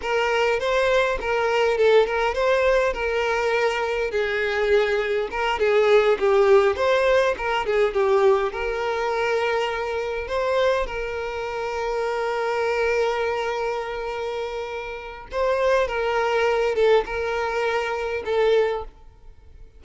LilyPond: \new Staff \with { instrumentName = "violin" } { \time 4/4 \tempo 4 = 102 ais'4 c''4 ais'4 a'8 ais'8 | c''4 ais'2 gis'4~ | gis'4 ais'8 gis'4 g'4 c''8~ | c''8 ais'8 gis'8 g'4 ais'4.~ |
ais'4. c''4 ais'4.~ | ais'1~ | ais'2 c''4 ais'4~ | ais'8 a'8 ais'2 a'4 | }